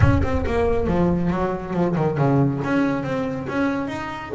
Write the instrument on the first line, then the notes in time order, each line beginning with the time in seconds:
double bass
0.00 C#4
0.23 C4
0.46 A#3
0.87 F3
1.30 F#3
1.73 F3
1.95 D#3
2.17 C#3
2.63 C#4
3.03 C4
3.48 C#4
3.87 D#4